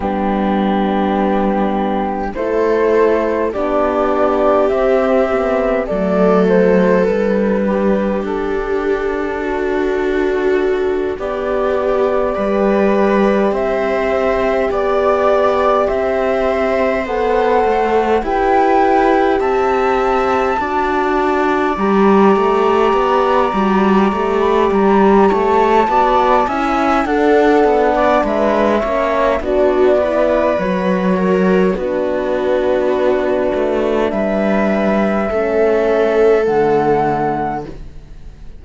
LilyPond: <<
  \new Staff \with { instrumentName = "flute" } { \time 4/4 \tempo 4 = 51 g'2 c''4 d''4 | e''4 d''8 c''8 b'4 a'4~ | a'4. d''2 e''8~ | e''8 d''4 e''4 fis''4 g''8~ |
g''8 a''2 ais''4.~ | ais''8. b''16 ais''8 a''4 gis''8 fis''4 | e''4 d''4 cis''4 b'4~ | b'4 e''2 fis''4 | }
  \new Staff \with { instrumentName = "viola" } { \time 4/4 d'2 a'4 g'4~ | g'4 a'4. g'4. | fis'4. g'4 b'4 c''8~ | c''8 d''4 c''2 b'8~ |
b'8 e''4 d''2~ d''8~ | d''4. cis''8 d''8 e''8 a'8. d''16 | b'8 cis''8 fis'8 b'4 ais'8 fis'4~ | fis'4 b'4 a'2 | }
  \new Staff \with { instrumentName = "horn" } { \time 4/4 b2 e'4 d'4 | c'8 b8 a4 d'2~ | d'2~ d'8 g'4.~ | g'2~ g'8 a'4 g'8~ |
g'4. fis'4 g'4. | fis'8 g'4. fis'8 e'8 d'4~ | d'8 cis'8 d'8 e'8 fis'4 d'4~ | d'2 cis'4 a4 | }
  \new Staff \with { instrumentName = "cello" } { \time 4/4 g2 a4 b4 | c'4 fis4 g4 d'4~ | d'4. b4 g4 c'8~ | c'8 b4 c'4 b8 a8 e'8~ |
e'8 c'4 d'4 g8 a8 b8 | g8 a8 g8 a8 b8 cis'8 d'8 b8 | gis8 ais8 b4 fis4 b4~ | b8 a8 g4 a4 d4 | }
>>